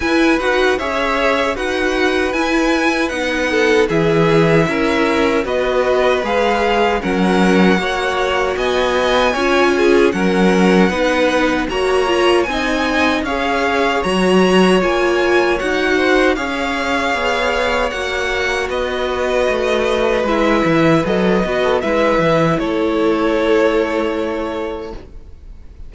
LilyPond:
<<
  \new Staff \with { instrumentName = "violin" } { \time 4/4 \tempo 4 = 77 gis''8 fis''8 e''4 fis''4 gis''4 | fis''4 e''2 dis''4 | f''4 fis''2 gis''4~ | gis''4 fis''2 ais''4 |
gis''4 f''4 ais''4 gis''4 | fis''4 f''2 fis''4 | dis''2 e''4 dis''4 | e''4 cis''2. | }
  \new Staff \with { instrumentName = "violin" } { \time 4/4 b'4 cis''4 b'2~ | b'8 a'8 gis'4 ais'4 b'4~ | b'4 ais'4 cis''4 dis''4 | cis''8 gis'8 ais'4 b'4 cis''4 |
dis''4 cis''2.~ | cis''8 c''8 cis''2. | b'2.~ b'8. a'16 | b'4 a'2. | }
  \new Staff \with { instrumentName = "viola" } { \time 4/4 e'8 fis'8 gis'4 fis'4 e'4 | dis'4 e'2 fis'4 | gis'4 cis'4 fis'2 | f'4 cis'4 dis'4 fis'8 f'8 |
dis'4 gis'4 fis'4 f'4 | fis'4 gis'2 fis'4~ | fis'2 e'4 a'8 fis'8 | e'1 | }
  \new Staff \with { instrumentName = "cello" } { \time 4/4 e'8 dis'8 cis'4 dis'4 e'4 | b4 e4 cis'4 b4 | gis4 fis4 ais4 b4 | cis'4 fis4 b4 ais4 |
c'4 cis'4 fis4 ais4 | dis'4 cis'4 b4 ais4 | b4 a4 gis8 e8 fis8 b8 | gis8 e8 a2. | }
>>